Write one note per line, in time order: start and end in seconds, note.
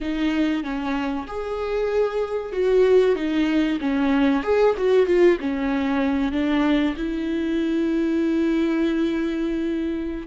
0.00 0.63 D#4
0.63 1.26 C#4
1.27 2.52 G#4
2.52 3.15 F#4
3.15 3.78 D#4
3.80 4.43 C#4
4.43 4.75 G#4
4.77 5.06 F#4
5.06 5.37 F4
5.40 6.32 C#4
6.32 6.95 D4
6.96 10.27 E4